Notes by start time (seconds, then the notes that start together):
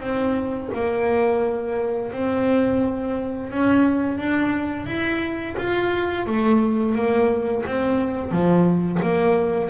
0.00 C4
0.74 A#3
2.12 C4
3.50 C#4
4.17 D4
4.86 E4
5.58 F4
6.26 A3
6.95 A#3
7.66 C4
8.31 F3
9.02 A#3